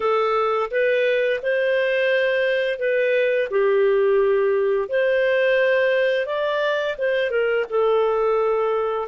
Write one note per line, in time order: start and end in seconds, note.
0.00 0.70 A4
0.70 1.40 B4
1.42 2.78 C5
2.78 3.48 B4
3.50 4.88 G4
4.88 6.26 C5
6.26 6.95 D5
6.98 7.30 C5
7.30 7.65 A#4
7.69 9.08 A4